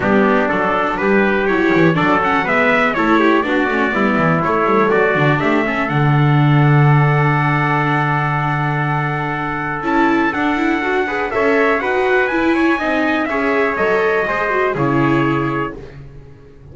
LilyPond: <<
  \new Staff \with { instrumentName = "trumpet" } { \time 4/4 \tempo 4 = 122 g'4 a'4 b'4 cis''4 | d''8 fis''8 e''4 cis''4 d''4~ | d''4 cis''4 d''4 e''4 | fis''1~ |
fis''1 | a''4 fis''2 e''4 | fis''4 gis''2 e''4 | dis''2 cis''2 | }
  \new Staff \with { instrumentName = "trumpet" } { \time 4/4 d'2 g'2 | a'4 b'4 a'8 g'8 fis'4 | e'2 fis'4 g'8 a'8~ | a'1~ |
a'1~ | a'2~ a'8 b'8 cis''4 | b'4. cis''8 dis''4 cis''4~ | cis''4 c''4 gis'2 | }
  \new Staff \with { instrumentName = "viola" } { \time 4/4 b4 d'2 e'4 | d'8 cis'8 b4 e'4 d'8 cis'8 | b4 a4. d'4 cis'8 | d'1~ |
d'1 | e'4 d'8 e'8 fis'8 gis'8 a'4 | fis'4 e'4 dis'4 gis'4 | a'4 gis'8 fis'8 e'2 | }
  \new Staff \with { instrumentName = "double bass" } { \time 4/4 g4 fis4 g4 fis8 e8 | fis4 gis4 a4 b8 a8 | g8 e8 a8 g8 fis8 d8 a4 | d1~ |
d1 | cis'4 d'2 cis'4 | dis'4 e'4 c'4 cis'4 | fis4 gis4 cis2 | }
>>